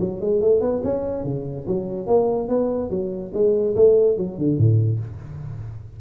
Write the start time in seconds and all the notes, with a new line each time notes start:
0.00 F#3
0.21 G#3
0.41 A3
0.61 B3
0.83 C#4
1.24 C#3
1.66 F#3
2.07 A#3
2.48 B3
2.90 F#3
3.34 G#3
3.76 A3
4.17 F#3
4.38 D3
4.58 A2